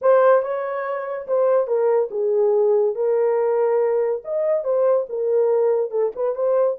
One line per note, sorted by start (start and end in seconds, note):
0.01 0.42 C5
0.42 1.27 C#5
1.27 1.67 C5
1.67 2.09 A#4
2.10 2.95 G#4
2.95 4.22 A#4
4.24 4.64 D#5
4.64 5.06 C5
5.09 5.90 A#4
5.90 6.12 A4
6.15 6.35 B4
6.35 6.77 C5